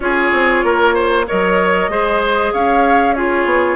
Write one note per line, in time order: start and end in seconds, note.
0.00 0.30 C#4
0.00 1.26 F4
0.00 0.64 G#4
0.00 1.26 C#5
0.32 0.63 C4
0.63 1.26 A#3
0.63 0.94 A#4
0.94 1.25 C5
1.26 1.89 F#3
1.26 1.89 A#4
1.26 1.90 C#5
1.26 2.53 D#5
1.89 2.52 G#3
1.89 3.16 G#4
1.89 2.53 C5
2.53 3.45 C#4
2.53 3.15 C#5
2.53 3.13 F5
3.13 3.75 F4
3.13 3.75 G#4
3.13 3.75 C#5
3.45 3.75 B3